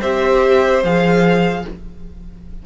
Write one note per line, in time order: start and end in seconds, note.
0.00 0.83 C4
0.00 0.83 G4
0.00 1.62 C5
0.00 0.83 E5
0.83 1.65 F3
0.83 1.65 G#4
0.83 1.66 F5